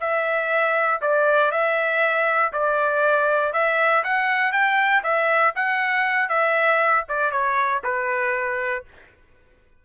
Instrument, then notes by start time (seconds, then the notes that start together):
trumpet
0.00 E5
1.01 D5
1.51 E5
2.52 D5
3.53 E5
4.03 F#5
4.52 G5
5.03 E5
5.55 F#5
6.29 E5
7.08 D5
7.31 C#5
7.84 B4